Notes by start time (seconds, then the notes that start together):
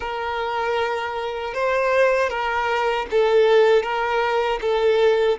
0.00 A#4
1.54 C5
2.29 A#4
3.10 A4
3.83 A#4
4.61 A4